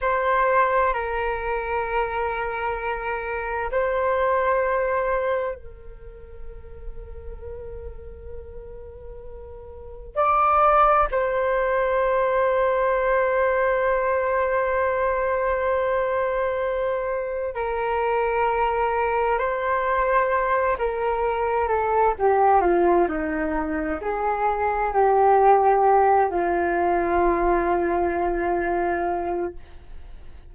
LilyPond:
\new Staff \with { instrumentName = "flute" } { \time 4/4 \tempo 4 = 65 c''4 ais'2. | c''2 ais'2~ | ais'2. d''4 | c''1~ |
c''2. ais'4~ | ais'4 c''4. ais'4 a'8 | g'8 f'8 dis'4 gis'4 g'4~ | g'8 f'2.~ f'8 | }